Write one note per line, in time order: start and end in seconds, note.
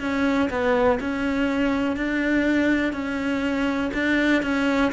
0.00 0.49 C#4
0.50 0.99 B3
1.00 1.96 C#4
1.96 2.93 D4
2.93 3.91 C#4
3.93 4.43 D4
4.43 4.92 C#4